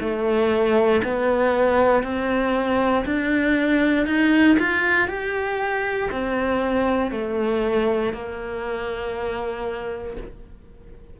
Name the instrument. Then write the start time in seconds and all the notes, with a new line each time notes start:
cello
0.00 A3
1.04 B3
2.03 C4
3.06 D4
4.07 D#4
4.59 F4
5.08 G4
6.12 C4
7.12 A3
8.14 A#3